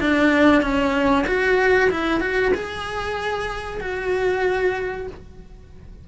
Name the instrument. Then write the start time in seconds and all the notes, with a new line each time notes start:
cello
0.00 D4
0.62 C#4
1.27 F#4
1.90 E4
2.20 F#4
2.54 G#4
3.80 F#4